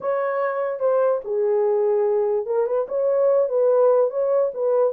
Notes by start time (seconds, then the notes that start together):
0.00 C#5
0.79 C5
1.24 G#4
2.46 A#4
2.66 B4
2.88 C#5
3.48 B4
4.10 C#5
4.53 B4